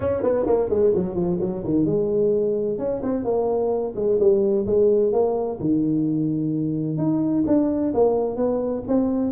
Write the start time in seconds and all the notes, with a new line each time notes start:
0.00 C#4
0.22 B3
0.46 A#3
0.69 G#3
0.94 F#3
1.15 F3
1.40 F#3
1.64 D#3
1.85 G#3
2.78 C#4
3.02 C4
3.24 A#3
3.95 G#3
4.19 G3
4.66 G#3
5.12 A#3
5.60 D#3
6.97 D#4
7.46 D4
7.94 A#3
8.36 B3
8.87 C4